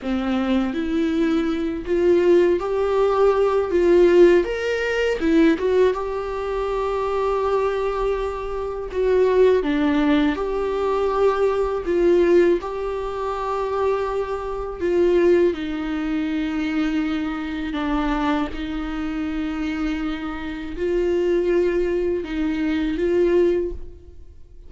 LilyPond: \new Staff \with { instrumentName = "viola" } { \time 4/4 \tempo 4 = 81 c'4 e'4. f'4 g'8~ | g'4 f'4 ais'4 e'8 fis'8 | g'1 | fis'4 d'4 g'2 |
f'4 g'2. | f'4 dis'2. | d'4 dis'2. | f'2 dis'4 f'4 | }